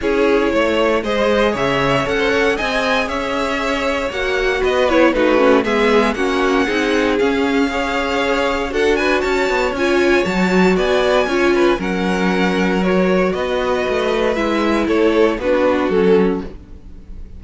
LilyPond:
<<
  \new Staff \with { instrumentName = "violin" } { \time 4/4 \tempo 4 = 117 cis''2 dis''4 e''4 | fis''4 gis''4 e''2 | fis''4 dis''8 cis''8 b'4 e''4 | fis''2 f''2~ |
f''4 fis''8 gis''8 a''4 gis''4 | a''4 gis''2 fis''4~ | fis''4 cis''4 dis''2 | e''4 cis''4 b'4 a'4 | }
  \new Staff \with { instrumentName = "violin" } { \time 4/4 gis'4 cis''4 c''4 cis''4~ | cis''16 c''16 cis''8 dis''4 cis''2~ | cis''4 b'4 fis'4 gis'4 | fis'4 gis'2 cis''4~ |
cis''4 a'8 b'8 cis''2~ | cis''4 d''4 cis''8 b'8 ais'4~ | ais'2 b'2~ | b'4 a'4 fis'2 | }
  \new Staff \with { instrumentName = "viola" } { \time 4/4 e'2 gis'2 | a'4 gis'2. | fis'4. e'8 dis'8 cis'8 b4 | cis'4 dis'4 cis'4 gis'4~ |
gis'4 fis'2 f'4 | fis'2 f'4 cis'4~ | cis'4 fis'2. | e'2 d'4 cis'4 | }
  \new Staff \with { instrumentName = "cello" } { \time 4/4 cis'4 a4 gis4 cis4 | cis'4 c'4 cis'2 | ais4 b4 a4 gis4 | ais4 c'4 cis'2~ |
cis'4 d'4 cis'8 b8 cis'4 | fis4 b4 cis'4 fis4~ | fis2 b4 a4 | gis4 a4 b4 fis4 | }
>>